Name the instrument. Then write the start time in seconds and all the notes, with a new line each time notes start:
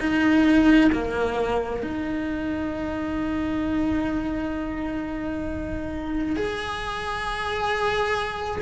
cello
0.00 D#4
0.93 A#3
1.83 D#4
6.36 G#4